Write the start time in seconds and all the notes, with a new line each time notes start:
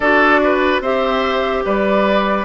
0.00 D4 F#4 A4 D5
0.43 B4
0.80 C4 G4 C5 E5
1.65 G3 B4 D5